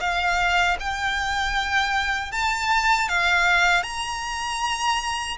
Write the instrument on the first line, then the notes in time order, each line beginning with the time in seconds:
violin
0.00 F5
0.80 G5
2.32 A5
3.09 F5
3.83 A#5